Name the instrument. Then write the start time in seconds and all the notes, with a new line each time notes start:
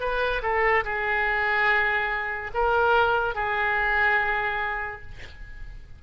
oboe
0.00 B4
0.42 A4
0.84 G#4
2.54 A#4
3.35 G#4